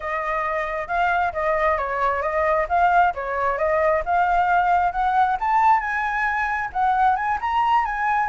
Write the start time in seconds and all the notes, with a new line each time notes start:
0.00 D#5
0.87 F5
1.32 D#5
1.77 C#5
2.22 D#5
2.68 F5
3.14 C#5
3.58 D#5
4.05 F5
4.92 F#5
5.40 A5
5.80 G#5
6.72 F#5
7.16 G#5
7.40 A#5
7.85 G#5